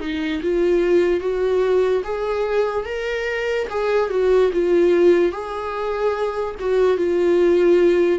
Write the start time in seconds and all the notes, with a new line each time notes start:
0.00 D#4
0.42 F4
1.21 F#4
2.04 G#4
2.85 A#4
3.69 G#4
4.10 F#4
4.53 F4
5.32 G#4
6.59 F#4
6.97 F4